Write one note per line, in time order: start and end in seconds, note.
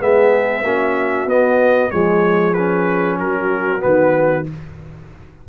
0.00 0.63 G#3
0.00 0.64 B3
0.00 0.63 G#4
0.00 1.30 E5
0.63 1.26 A#3
0.63 1.29 C#4
0.63 1.91 F#4
1.26 1.90 B3
1.26 1.91 B3
1.26 1.91 D#5
1.91 3.19 F3
1.91 2.55 G#3
1.91 3.19 G#4
1.91 2.54 C#5
2.54 3.80 C#4
2.54 3.18 B4
3.19 3.83 F#3
3.19 4.49 F#4
3.19 3.83 A#4
3.80 4.49 D#3
3.80 4.44 B3
3.80 4.47 B4